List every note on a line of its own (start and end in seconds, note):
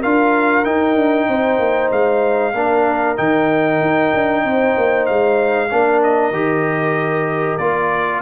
0.00 0.66 D4
0.00 0.64 F4
0.00 1.26 A#4
0.00 0.64 F5
0.64 2.53 D#4
0.64 0.95 D#4
0.64 1.90 G5
0.95 1.27 D4
1.28 1.59 C4
1.28 2.53 C5
1.59 1.90 A#3
1.91 2.53 G#3
1.91 3.17 F5
2.53 3.16 A#3
2.53 3.16 D4
2.53 4.42 A#4
3.16 3.81 D#3
3.16 5.69 D#4
3.16 5.06 G5
3.81 4.12 D#4
4.14 4.44 D4
4.44 4.75 C4
4.44 5.70 C5
4.77 5.09 A#3
5.06 5.72 G#3
5.06 6.01 F5
5.70 6.31 A#3
5.70 6.32 D4
5.70 8.22 A#4
6.03 7.57 D#5
6.31 7.57 D#3
6.31 7.59 G4
7.57 8.21 A#3
7.57 8.22 F4
7.57 8.21 D5